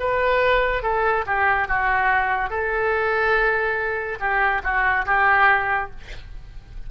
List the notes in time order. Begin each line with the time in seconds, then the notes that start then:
0.00 B4
0.83 A4
1.26 G4
1.68 F#4
2.50 A4
4.20 G4
4.64 F#4
5.06 G4